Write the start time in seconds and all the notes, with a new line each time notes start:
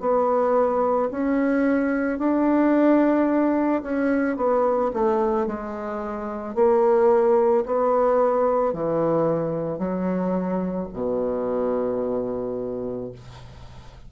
0.00 B3
1.11 C#4
2.18 D4
3.82 C#4
4.36 B3
4.93 A3
5.46 G#3
6.55 A#3
7.66 B3
8.73 E3
9.78 F#3
10.93 B2